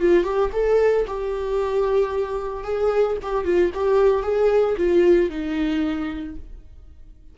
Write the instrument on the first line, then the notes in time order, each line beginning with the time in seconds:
viola
0.00 F4
0.24 G4
0.53 A4
1.07 G4
2.64 G#4
3.22 G4
3.45 F4
3.75 G4
4.23 G#4
4.78 F4
5.30 D#4